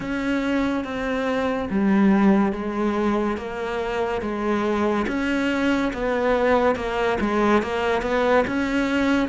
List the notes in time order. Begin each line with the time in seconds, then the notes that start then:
0.00 C#4
0.84 C4
1.70 G3
2.52 G#3
3.37 A#3
4.21 G#3
5.07 C#4
5.93 B3
6.75 A#3
7.20 G#3
7.62 A#3
8.02 B3
8.47 C#4